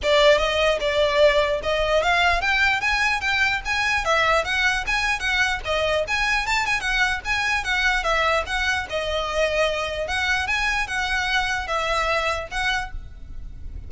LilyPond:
\new Staff \with { instrumentName = "violin" } { \time 4/4 \tempo 4 = 149 d''4 dis''4 d''2 | dis''4 f''4 g''4 gis''4 | g''4 gis''4 e''4 fis''4 | gis''4 fis''4 dis''4 gis''4 |
a''8 gis''8 fis''4 gis''4 fis''4 | e''4 fis''4 dis''2~ | dis''4 fis''4 gis''4 fis''4~ | fis''4 e''2 fis''4 | }